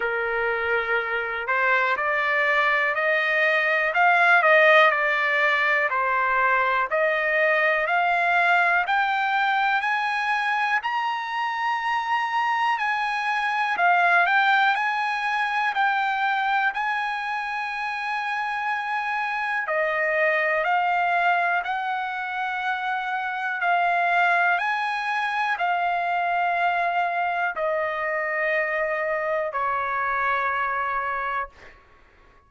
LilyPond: \new Staff \with { instrumentName = "trumpet" } { \time 4/4 \tempo 4 = 61 ais'4. c''8 d''4 dis''4 | f''8 dis''8 d''4 c''4 dis''4 | f''4 g''4 gis''4 ais''4~ | ais''4 gis''4 f''8 g''8 gis''4 |
g''4 gis''2. | dis''4 f''4 fis''2 | f''4 gis''4 f''2 | dis''2 cis''2 | }